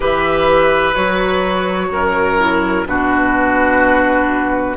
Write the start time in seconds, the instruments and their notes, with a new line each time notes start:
0.00 bassoon E3, clarinet G4, oboe B4, flute E5
0.94 bassoon F#3, clarinet F#4, flute C#5
1.90 bassoon F#2, oboe A#4
2.38 clarinet E4
2.86 bassoon B2, clarinet D4, oboe F#4, flute B4